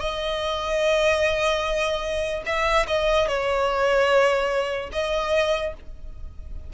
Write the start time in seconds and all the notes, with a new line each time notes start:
0.00 D#5
2.46 E5
2.87 D#5
3.28 C#5
4.92 D#5